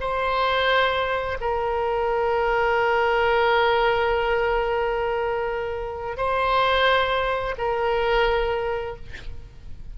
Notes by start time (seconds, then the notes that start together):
0.00 C5
1.40 A#4
6.17 C5
7.58 A#4